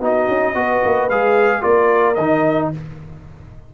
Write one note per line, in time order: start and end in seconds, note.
0.00 0.27 B3
0.00 0.55 D#4
0.00 0.55 F#4
0.00 1.10 D#5
0.28 0.55 C#4
0.55 0.82 B3
0.55 1.09 F#4
0.55 1.62 B4
0.85 1.10 A#3
1.10 1.63 G#3
1.10 1.61 G#4
1.10 1.63 F5
1.61 2.18 A#3
1.61 2.15 F4
1.61 2.69 A#4
1.61 2.15 D5
2.15 2.71 D#3
2.15 2.74 D#4
2.15 2.68 D#5